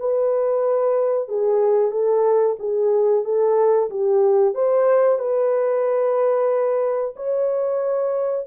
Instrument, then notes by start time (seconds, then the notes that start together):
horn
0.00 B4
1.29 G#4
1.91 A4
2.59 G#4
3.25 A4
3.90 G4
4.54 C5
5.19 B4
7.17 C#5